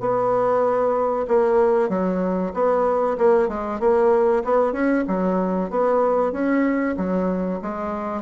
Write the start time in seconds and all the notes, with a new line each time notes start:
0.00 B3
1.28 A#3
1.89 F#3
2.54 B3
3.18 A#3
3.48 G#3
3.80 A#3
4.44 B3
4.73 C#4
5.08 F#3
5.70 B3
6.32 C#4
6.97 F#3
7.62 G#3